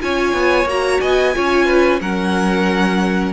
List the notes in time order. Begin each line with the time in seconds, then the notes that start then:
0.00 C#4 F4 C#5 G#5
0.33 B3
0.65 A#3 F#4 A#5
1.01 B3 D#5 G#5
1.33 C#4 F4 C#5
1.66 B4
2.01 F#3 C#4 A#4 F#5